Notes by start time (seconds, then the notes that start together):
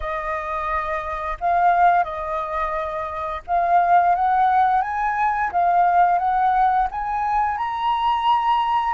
0.00 D#5
1.40 F5
2.03 D#5
3.47 F5
4.15 F#5
4.81 G#5
5.52 F5
6.18 F#5
6.91 G#5
7.57 A#5